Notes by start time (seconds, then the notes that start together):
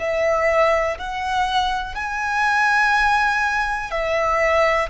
0.00 E5
0.98 F#5
1.95 G#5
3.91 E5